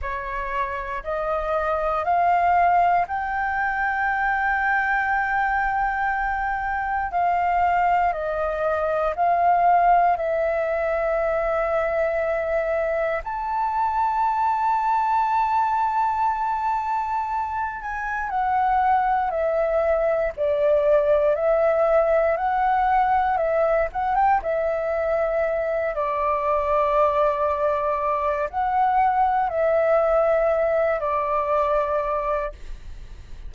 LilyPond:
\new Staff \with { instrumentName = "flute" } { \time 4/4 \tempo 4 = 59 cis''4 dis''4 f''4 g''4~ | g''2. f''4 | dis''4 f''4 e''2~ | e''4 a''2.~ |
a''4. gis''8 fis''4 e''4 | d''4 e''4 fis''4 e''8 fis''16 g''16 | e''4. d''2~ d''8 | fis''4 e''4. d''4. | }